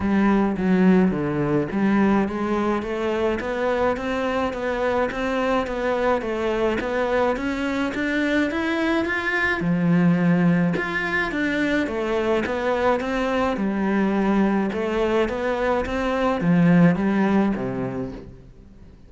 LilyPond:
\new Staff \with { instrumentName = "cello" } { \time 4/4 \tempo 4 = 106 g4 fis4 d4 g4 | gis4 a4 b4 c'4 | b4 c'4 b4 a4 | b4 cis'4 d'4 e'4 |
f'4 f2 f'4 | d'4 a4 b4 c'4 | g2 a4 b4 | c'4 f4 g4 c4 | }